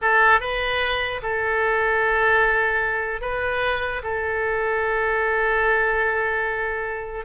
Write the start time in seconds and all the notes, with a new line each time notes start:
0.01 A4
0.40 B4
1.22 A4
3.21 B4
4.03 A4